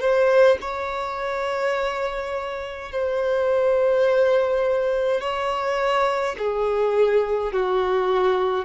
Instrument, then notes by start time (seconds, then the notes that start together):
violin
0.00 C5
0.61 C#5
2.92 C5
5.20 C#5
6.38 G#4
7.53 F#4